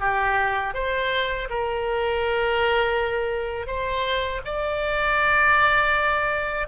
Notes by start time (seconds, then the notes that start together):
0.00 G4
0.74 C5
1.50 A#4
3.67 C5
4.45 D5